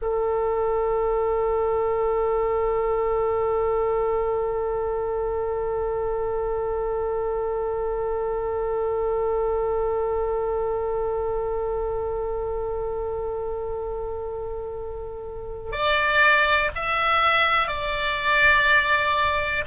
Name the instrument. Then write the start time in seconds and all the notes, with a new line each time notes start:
oboe
0.01 A4
15.72 D5
16.75 E5
17.67 D5